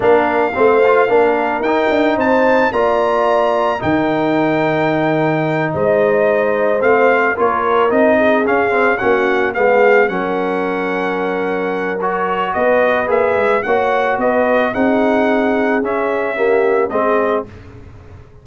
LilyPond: <<
  \new Staff \with { instrumentName = "trumpet" } { \time 4/4 \tempo 4 = 110 f''2. g''4 | a''4 ais''2 g''4~ | g''2~ g''8 dis''4.~ | dis''8 f''4 cis''4 dis''4 f''8~ |
f''8 fis''4 f''4 fis''4.~ | fis''2 cis''4 dis''4 | e''4 fis''4 dis''4 fis''4~ | fis''4 e''2 dis''4 | }
  \new Staff \with { instrumentName = "horn" } { \time 4/4 ais'4 c''4 ais'2 | c''4 d''2 ais'4~ | ais'2~ ais'8 c''4.~ | c''4. ais'4. gis'4~ |
gis'8 fis'4 gis'4 ais'4.~ | ais'2. b'4~ | b'4 cis''4 b'4 gis'4~ | gis'2 g'4 gis'4 | }
  \new Staff \with { instrumentName = "trombone" } { \time 4/4 d'4 c'8 f'8 d'4 dis'4~ | dis'4 f'2 dis'4~ | dis'1~ | dis'8 c'4 f'4 dis'4 cis'8 |
c'8 cis'4 b4 cis'4.~ | cis'2 fis'2 | gis'4 fis'2 dis'4~ | dis'4 cis'4 ais4 c'4 | }
  \new Staff \with { instrumentName = "tuba" } { \time 4/4 ais4 a4 ais4 dis'8 d'8 | c'4 ais2 dis4~ | dis2~ dis8 gis4.~ | gis8 a4 ais4 c'4 cis'8~ |
cis'8 ais4 gis4 fis4.~ | fis2. b4 | ais8 gis8 ais4 b4 c'4~ | c'4 cis'2 gis4 | }
>>